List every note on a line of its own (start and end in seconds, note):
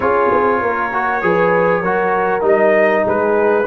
0.00 0.30 C#4
0.00 0.92 F4
0.00 0.60 G#4
0.00 2.43 C#5
0.32 0.62 C4
0.60 1.22 A#3
0.60 1.21 A#4
0.93 1.22 F#4
1.22 1.82 F3
1.22 1.83 G#4
1.22 1.81 B4
1.81 2.42 F#3
1.81 2.41 F#4
1.81 3.04 A#4
2.41 3.03 G3
2.41 3.63 D#4
2.41 3.07 D#5
3.04 3.66 G#3
3.04 3.65 G#4
3.04 3.66 B4